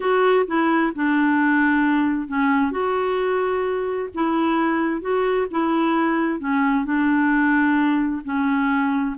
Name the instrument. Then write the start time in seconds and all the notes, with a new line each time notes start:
clarinet
0.00 F#4
0.46 E4
0.95 D4
2.28 C#4
2.71 F#4
4.14 E4
5.01 F#4
5.51 E4
6.39 C#4
6.84 D4
8.24 C#4